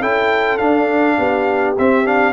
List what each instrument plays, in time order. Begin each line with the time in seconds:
0.00 tuba C#4, trombone E4, horn A4, trumpet G5
0.58 tuba D4, trombone D4, trumpet F5
1.19 tuba B3, horn G4
1.78 trombone C4, tuba C4, trumpet E5
2.06 trombone D4, trumpet F5